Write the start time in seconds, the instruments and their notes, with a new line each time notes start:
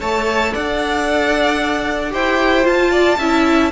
0.00 cello A3, viola A4, violin C#5 A5
0.53 cello D4, violin D5 F#5
2.10 cello E4, viola G4, violin C5 G5
2.63 viola F4, cello F4, violin A5
2.91 violin D5
3.18 cello C#4, viola E4, violin E5